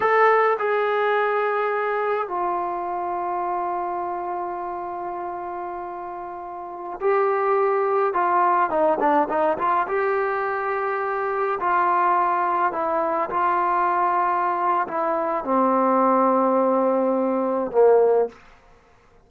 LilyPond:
\new Staff \with { instrumentName = "trombone" } { \time 4/4 \tempo 4 = 105 a'4 gis'2. | f'1~ | f'1~ | f'16 g'2 f'4 dis'8 d'16~ |
d'16 dis'8 f'8 g'2~ g'8.~ | g'16 f'2 e'4 f'8.~ | f'2 e'4 c'4~ | c'2. ais4 | }